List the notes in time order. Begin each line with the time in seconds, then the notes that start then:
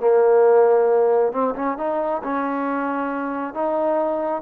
0.00 A#3
1.32 C4
1.55 C#4
1.77 D#4
2.23 C#4
3.54 D#4